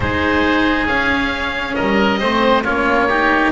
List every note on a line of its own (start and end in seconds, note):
0.00 0.85 G#3
0.00 0.89 D#4
0.00 1.76 G#4
0.00 0.87 C5
0.85 1.74 C#4
0.85 2.20 C#4
0.85 1.75 F5
1.75 2.22 G3
1.75 2.19 A#4
1.75 2.63 D#5
2.19 2.65 A3
2.19 2.64 C4
2.19 2.63 C5
2.63 3.52 A#3
2.63 3.09 C#4
2.63 3.07 F4
2.63 3.52 C#5
3.08 3.52 D#4
3.08 3.52 G4